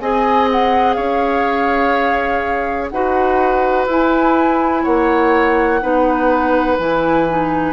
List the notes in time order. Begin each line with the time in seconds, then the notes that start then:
0.00 C4 G#4 D#5 G#5
0.51 F#5
0.93 C#4 C#5 F5
2.89 D#4 F#4 B4 F#5
3.86 E4 G#5
4.83 A#3 C#5 F#5
5.81 B3 D#4 B4
6.78 E3 E4 G#5
7.29 D#4